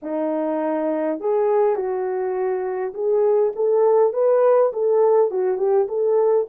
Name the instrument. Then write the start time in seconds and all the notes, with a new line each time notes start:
horn
0.02 D#4
1.20 G#4
1.75 F#4
2.94 G#4
3.55 A4
4.13 B4
4.72 A4
5.30 F#4
5.57 G4
5.88 A4